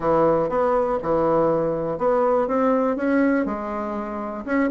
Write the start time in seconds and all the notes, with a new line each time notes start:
0.00 E3
0.49 B3
1.02 E3
1.98 B3
2.47 C4
2.96 C#4
3.45 G#3
4.45 C#4